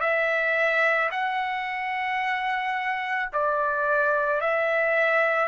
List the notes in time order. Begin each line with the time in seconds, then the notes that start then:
0.00 E5
1.11 F#5
3.33 D5
4.40 E5